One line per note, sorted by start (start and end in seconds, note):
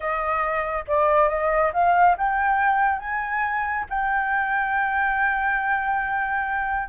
0.00 0.84 D#5
0.87 1.28 D5
1.28 1.71 D#5
1.73 2.16 F5
2.17 2.99 G5
2.99 3.85 G#5
3.89 6.88 G5